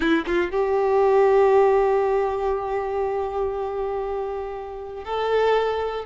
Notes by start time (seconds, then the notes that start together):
0.00 E4
0.26 F4
0.50 G4
5.04 A4